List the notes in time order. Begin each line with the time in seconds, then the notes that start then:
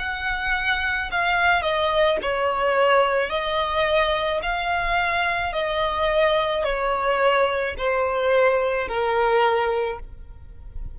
0.00 F#5
1.12 F5
1.63 D#5
2.23 C#5
3.30 D#5
4.43 F5
5.54 D#5
6.65 C#5
7.78 C5
8.88 A#4